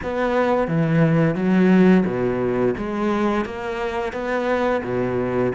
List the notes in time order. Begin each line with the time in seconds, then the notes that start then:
0.03 B3
0.67 E3
1.34 F#3
2.05 B2
2.77 G#3
3.45 A#3
4.12 B3
4.83 B2